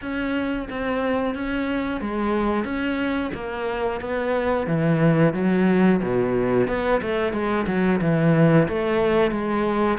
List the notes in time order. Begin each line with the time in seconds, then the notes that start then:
0.01 C#4
0.69 C4
1.35 C#4
2.01 G#3
2.64 C#4
3.34 A#3
4.00 B3
4.66 E3
5.33 F#3
6.02 B2
6.67 B3
7.02 A3
7.32 G#3
7.67 F#3
8.01 E3
8.68 A3
9.31 G#3